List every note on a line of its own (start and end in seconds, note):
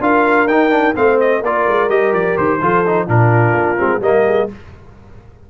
0.00 0.47 D4
0.00 0.48 F4
0.00 0.96 A#4
0.00 0.48 F5
0.47 0.94 D#4
0.47 0.70 D#4
0.47 0.95 G5
0.70 0.94 D4
0.95 1.42 A3
0.95 1.42 C4
0.95 1.40 C5
0.95 1.20 F5
1.20 1.44 D#5
1.40 1.66 A#3
1.40 1.89 F4
1.40 2.58 A#4
1.40 1.90 D5
1.68 1.89 G#3
1.89 2.12 G3
1.89 2.60 G4
1.89 2.13 D#5
2.12 2.36 F3
2.12 2.37 D5
2.37 2.61 D#3
2.37 3.08 C5
2.62 3.08 F3
2.62 2.85 F4
2.62 3.06 A4
2.86 3.07 D#4
3.06 3.53 A#2
3.06 3.77 D4
3.06 4.00 F4
3.06 4.02 A#4
3.53 3.76 A#3
3.77 4.00 G#3
3.77 4.01 C4
4.00 4.47 G3
4.00 4.48 A#3
4.00 4.26 A#4
4.00 4.50 D#5
4.26 4.50 G#4